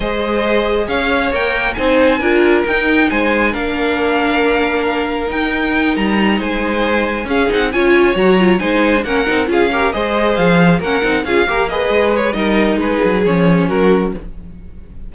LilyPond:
<<
  \new Staff \with { instrumentName = "violin" } { \time 4/4 \tempo 4 = 136 dis''2 f''4 g''4 | gis''2 g''4 gis''4 | f''1 | g''4. ais''4 gis''4.~ |
gis''8 f''8 fis''8 gis''4 ais''4 gis''8~ | gis''8 fis''4 f''4 dis''4 f''8~ | f''8 fis''4 f''4 dis''4 cis''8 | dis''4 b'4 cis''4 ais'4 | }
  \new Staff \with { instrumentName = "violin" } { \time 4/4 c''2 cis''2 | c''4 ais'2 c''4 | ais'1~ | ais'2~ ais'8 c''4.~ |
c''8 gis'4 cis''2 c''8~ | c''8 ais'4 gis'8 ais'8 c''4.~ | c''8 ais'4 gis'8 ais'8 b'4. | ais'4 gis'2 fis'4 | }
  \new Staff \with { instrumentName = "viola" } { \time 4/4 gis'2. ais'4 | dis'4 f'4 dis'2 | d'1 | dis'1~ |
dis'8 cis'8 dis'8 f'4 fis'8 f'8 dis'8~ | dis'8 cis'8 dis'8 f'8 g'8 gis'4.~ | gis'8 cis'8 dis'8 f'8 g'8 gis'4. | dis'2 cis'2 | }
  \new Staff \with { instrumentName = "cello" } { \time 4/4 gis2 cis'4 ais4 | c'4 d'4 dis'4 gis4 | ais1 | dis'4. g4 gis4.~ |
gis8 cis'8 c'8 cis'4 fis4 gis8~ | gis8 ais8 c'8 cis'4 gis4 f8~ | f8 ais8 c'8 cis'8 ais4 gis4 | g4 gis8 fis8 f4 fis4 | }
>>